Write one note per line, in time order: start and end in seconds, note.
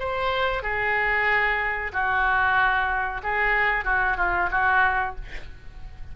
0.00 0.63 C5
0.63 1.92 G#4
1.93 3.22 F#4
3.23 3.85 G#4
3.85 4.18 F#4
4.18 4.50 F4
4.51 5.16 F#4